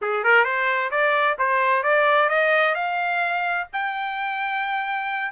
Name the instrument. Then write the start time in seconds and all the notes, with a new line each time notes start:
trumpet
0.01 G#4
0.23 A#4
0.44 C5
0.90 D5
1.38 C5
1.83 D5
2.29 D#5
2.74 F5
3.72 G5